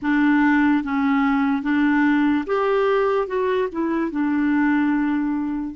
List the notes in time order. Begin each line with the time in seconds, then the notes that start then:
0.01 D4
0.83 C#4
1.62 D4
2.46 G4
3.27 F#4
3.71 E4
4.11 D4